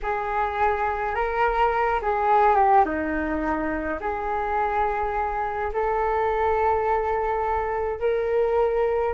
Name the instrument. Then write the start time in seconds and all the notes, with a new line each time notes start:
flute
0.02 G#4
1.14 A#4
2.02 G#4
2.55 G4
2.85 D#4
4.00 G#4
5.73 A4
8.00 A#4